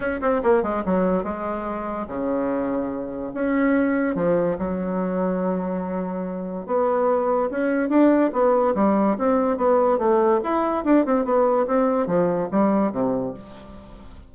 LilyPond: \new Staff \with { instrumentName = "bassoon" } { \time 4/4 \tempo 4 = 144 cis'8 c'8 ais8 gis8 fis4 gis4~ | gis4 cis2. | cis'2 f4 fis4~ | fis1 |
b2 cis'4 d'4 | b4 g4 c'4 b4 | a4 e'4 d'8 c'8 b4 | c'4 f4 g4 c4 | }